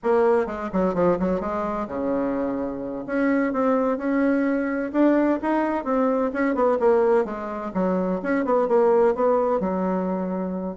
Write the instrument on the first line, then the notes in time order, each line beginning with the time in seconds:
bassoon
0.03 A#3
0.46 G#3
0.72 F#3
0.94 F3
1.19 F#3
1.40 G#3
1.87 C#3
3.06 C#4
3.52 C4
3.97 C#4
4.92 D4
5.42 D#4
5.84 C4
6.33 C#4
6.54 B3
6.79 A#3
7.24 G#3
7.73 F#3
8.23 C#4
8.44 B3
8.67 A#3
9.14 B3
9.60 F#3